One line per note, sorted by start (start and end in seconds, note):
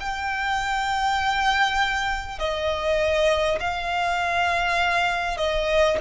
0.00 2.39 G5
2.39 3.59 D#5
3.60 5.37 F5
5.37 5.97 D#5